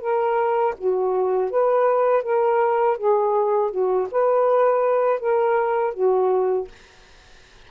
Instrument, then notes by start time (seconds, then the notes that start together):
saxophone
0.00 A#4
0.77 F#4
1.51 B4
2.23 A#4
2.97 G#4
3.70 F#4
4.11 B4
5.19 A#4
5.93 F#4